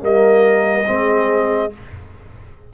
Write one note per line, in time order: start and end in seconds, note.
0.00 0.87 G3
0.00 0.85 A#3
0.00 0.86 A#4
0.00 1.74 D#5
0.86 1.74 G#3
0.86 1.70 C4
0.86 1.73 G#4